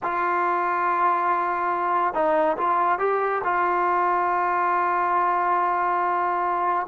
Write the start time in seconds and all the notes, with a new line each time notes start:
0.02 F4
2.14 D#4
2.57 F4
2.98 G4
3.44 F4